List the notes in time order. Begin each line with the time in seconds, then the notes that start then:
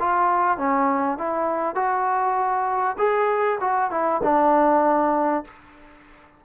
0.00 F4
0.58 C#4
1.18 E4
1.75 F#4
2.98 G#4
3.61 F#4
3.91 E4
4.24 D4